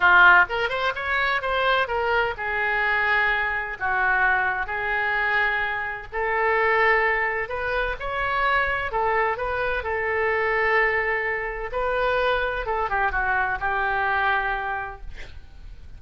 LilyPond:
\new Staff \with { instrumentName = "oboe" } { \time 4/4 \tempo 4 = 128 f'4 ais'8 c''8 cis''4 c''4 | ais'4 gis'2. | fis'2 gis'2~ | gis'4 a'2. |
b'4 cis''2 a'4 | b'4 a'2.~ | a'4 b'2 a'8 g'8 | fis'4 g'2. | }